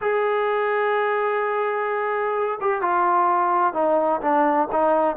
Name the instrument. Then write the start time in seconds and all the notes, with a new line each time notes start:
trombone
0.01 G#4
2.60 G4
2.81 F4
3.73 D#4
4.21 D4
4.72 D#4